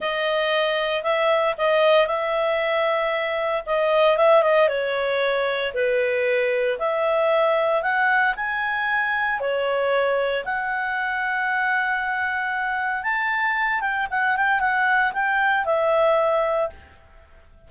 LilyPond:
\new Staff \with { instrumentName = "clarinet" } { \time 4/4 \tempo 4 = 115 dis''2 e''4 dis''4 | e''2. dis''4 | e''8 dis''8 cis''2 b'4~ | b'4 e''2 fis''4 |
gis''2 cis''2 | fis''1~ | fis''4 a''4. g''8 fis''8 g''8 | fis''4 g''4 e''2 | }